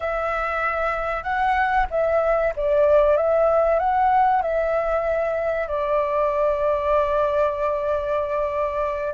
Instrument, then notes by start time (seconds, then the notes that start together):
flute
0.00 E5
1.23 F#5
1.90 E5
2.56 D5
3.16 E5
3.79 F#5
4.42 E5
5.67 D5